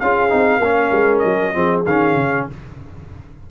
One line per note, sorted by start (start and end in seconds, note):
0.00 0.32 C#4
0.00 0.30 F4
0.00 0.61 G#4
0.00 1.19 F5
0.30 0.59 C4
0.30 0.60 D#4
0.59 0.90 A#3
0.59 1.54 C#4
0.59 1.54 A#4
0.92 1.22 G#3
1.19 1.55 F#3
1.19 1.80 D#5
1.54 1.86 F3
1.54 1.84 C4
1.54 2.46 G#4
1.86 2.15 D#3
1.86 2.51 C#4
1.86 2.47 F5
2.15 2.46 C#3